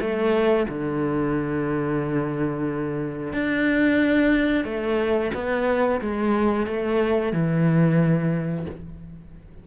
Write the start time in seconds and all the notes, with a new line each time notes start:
0.00 A3
0.68 D3
3.33 D4
4.65 A3
5.34 B3
6.01 G#3
6.66 A3
7.32 E3